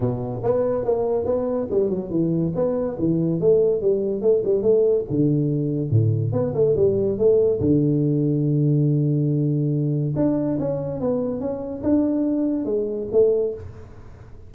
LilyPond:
\new Staff \with { instrumentName = "tuba" } { \time 4/4 \tempo 4 = 142 b,4 b4 ais4 b4 | g8 fis8 e4 b4 e4 | a4 g4 a8 g8 a4 | d2 a,4 b8 a8 |
g4 a4 d2~ | d1 | d'4 cis'4 b4 cis'4 | d'2 gis4 a4 | }